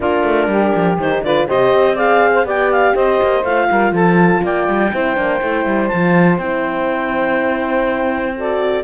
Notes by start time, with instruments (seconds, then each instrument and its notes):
0.00 cello A#3, horn D4, saxophone F4, clarinet A#4
0.23 cello A3
0.47 cello G3, saxophone G4
0.75 cello F3
0.97 cello D#3, horn D#4, clarinet C5
1.22 cello D3, horn F4, saxophone B4, clarinet D5
1.47 cello C3, horn G4, saxophone C5, clarinet D#5
1.72 cello C4
1.93 horn G#4, saxophone D5, clarinet F5
2.34 saxophone C5
2.44 cello B3, horn G4, saxophone D5, clarinet G5
2.71 clarinet F5
2.94 cello C4, saxophone C5, clarinet D#5
3.22 cello A#3
3.44 cello A3, horn F4, clarinet F5
3.70 cello G3, saxophone A#4
3.91 cello F3, saxophone A4, clarinet A5
4.43 cello A#3, saxophone D5, clarinet G5
4.67 cello G3
4.92 cello C4, horn E4, saxophone C5
5.15 cello A#3, horn D4
5.41 cello A3, horn E4
5.65 cello G3
5.87 cello F3, horn F4, clarinet A5
6.38 cello C4, horn E4, clarinet G5
8.35 horn F#4, saxophone A4, clarinet D5